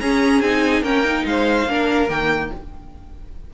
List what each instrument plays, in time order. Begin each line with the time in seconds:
0.00 cello C#4, viola C#4, violin G#4 A#5
0.41 cello C4, viola D#4, violin G#5
0.82 cello A#3, viola C#4, violin A#4 G5
1.04 viola D#4
1.25 cello G#3, violin C5 F5
1.66 cello A#3, viola D4, violin A#4
2.09 cello D#3, viola A#3, violin G5